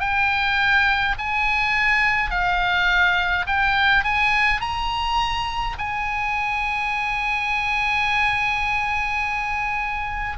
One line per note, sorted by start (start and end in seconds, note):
0.00 1.15 G5
1.19 2.30 G#5
2.30 3.46 F5
3.47 4.04 G5
4.04 4.61 G#5
4.61 5.76 A#5
5.78 10.38 G#5